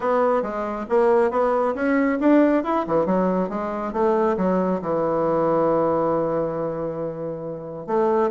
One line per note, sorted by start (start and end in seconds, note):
0.00 0.42 B3
0.42 0.86 G#3
0.89 1.30 A#3
1.30 1.74 B3
1.74 2.18 C#4
2.20 2.63 D4
2.63 2.85 E4
2.87 3.06 E3
3.06 3.49 F#3
3.49 3.92 G#3
3.92 4.36 A3
4.37 4.81 F#3
4.81 7.86 E3
7.86 8.30 A3